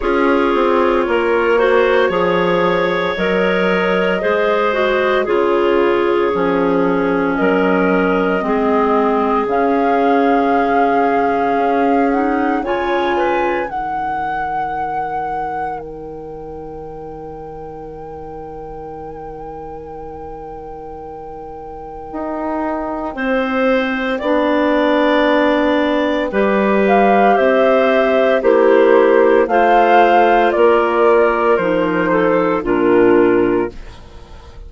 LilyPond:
<<
  \new Staff \with { instrumentName = "flute" } { \time 4/4 \tempo 4 = 57 cis''2. dis''4~ | dis''4 cis''2 dis''4~ | dis''4 f''2~ f''8 fis''8 | gis''4 fis''2 g''4~ |
g''1~ | g''1~ | g''4. f''8 e''4 c''4 | f''4 d''4 c''4 ais'4 | }
  \new Staff \with { instrumentName = "clarinet" } { \time 4/4 gis'4 ais'8 c''8 cis''2 | c''4 gis'2 ais'4 | gis'1 | cis''8 b'8 ais'2.~ |
ais'1~ | ais'2 c''4 d''4~ | d''4 b'4 c''4 g'4 | c''4 ais'4. a'8 f'4 | }
  \new Staff \with { instrumentName = "clarinet" } { \time 4/4 f'4. fis'8 gis'4 ais'4 | gis'8 fis'8 f'4 cis'2 | c'4 cis'2~ cis'8 dis'8 | f'4 dis'2.~ |
dis'1~ | dis'2. d'4~ | d'4 g'2 e'4 | f'2 dis'4 d'4 | }
  \new Staff \with { instrumentName = "bassoon" } { \time 4/4 cis'8 c'8 ais4 f4 fis4 | gis4 cis4 f4 fis4 | gis4 cis2 cis'4 | cis4 dis2.~ |
dis1~ | dis4 dis'4 c'4 b4~ | b4 g4 c'4 ais4 | a4 ais4 f4 ais,4 | }
>>